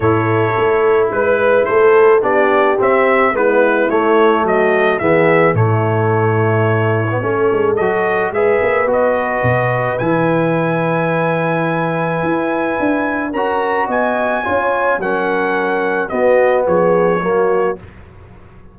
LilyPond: <<
  \new Staff \with { instrumentName = "trumpet" } { \time 4/4 \tempo 4 = 108 cis''2 b'4 c''4 | d''4 e''4 b'4 cis''4 | dis''4 e''4 cis''2~ | cis''2 dis''4 e''4 |
dis''2 gis''2~ | gis''1 | ais''4 gis''2 fis''4~ | fis''4 dis''4 cis''2 | }
  \new Staff \with { instrumentName = "horn" } { \time 4/4 a'2 b'4 a'4 | g'2 e'2 | fis'4 gis'4 e'2~ | e'4 a'2 b'4~ |
b'1~ | b'1 | ais'4 dis''4 cis''4 ais'4~ | ais'4 fis'4 gis'4 fis'4 | }
  \new Staff \with { instrumentName = "trombone" } { \time 4/4 e'1 | d'4 c'4 b4 a4~ | a4 b4 a2~ | a8. b16 cis'4 fis'4 gis'4 |
fis'2 e'2~ | e'1 | fis'2 f'4 cis'4~ | cis'4 b2 ais4 | }
  \new Staff \with { instrumentName = "tuba" } { \time 4/4 a,4 a4 gis4 a4 | b4 c'4 gis4 a4 | fis4 e4 a,2~ | a,4 a8 gis8 fis4 gis8 ais8 |
b4 b,4 e2~ | e2 e'4 d'4 | cis'4 b4 cis'4 fis4~ | fis4 b4 f4 fis4 | }
>>